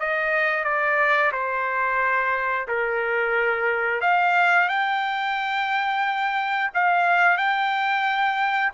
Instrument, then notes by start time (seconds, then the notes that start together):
trumpet
0.00 D#5
0.65 D5
1.33 C5
2.68 A#4
4.01 F5
4.69 G5
6.74 F5
7.38 G5